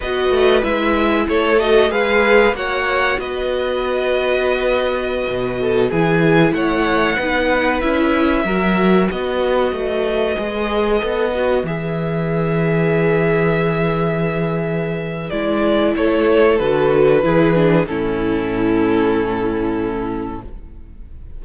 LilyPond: <<
  \new Staff \with { instrumentName = "violin" } { \time 4/4 \tempo 4 = 94 dis''4 e''4 cis''8 dis''8 f''4 | fis''4 dis''2.~ | dis''4~ dis''16 gis''4 fis''4.~ fis''16~ | fis''16 e''2 dis''4.~ dis''16~ |
dis''2~ dis''16 e''4.~ e''16~ | e''1 | d''4 cis''4 b'2 | a'1 | }
  \new Staff \with { instrumentName = "violin" } { \time 4/4 b'2 a'4 b'4 | cis''4 b'2.~ | b'8. a'8 gis'4 cis''4 b'8.~ | b'4~ b'16 ais'4 b'4.~ b'16~ |
b'1~ | b'1~ | b'4 a'2 gis'4 | e'1 | }
  \new Staff \with { instrumentName = "viola" } { \time 4/4 fis'4 e'4. fis'8 gis'4 | fis'1~ | fis'4~ fis'16 e'2 dis'8.~ | dis'16 e'4 fis'2~ fis'8.~ |
fis'16 gis'4 a'8 fis'8 gis'4.~ gis'16~ | gis'1 | e'2 fis'4 e'8 d'8 | cis'1 | }
  \new Staff \with { instrumentName = "cello" } { \time 4/4 b8 a8 gis4 a4 gis4 | ais4 b2.~ | b16 b,4 e4 a4 b8.~ | b16 cis'4 fis4 b4 a8.~ |
a16 gis4 b4 e4.~ e16~ | e1 | gis4 a4 d4 e4 | a,1 | }
>>